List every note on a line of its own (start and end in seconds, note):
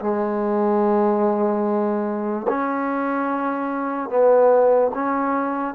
0.00 2.47 G#3
2.48 4.09 C#4
4.09 4.91 B3
4.94 5.75 C#4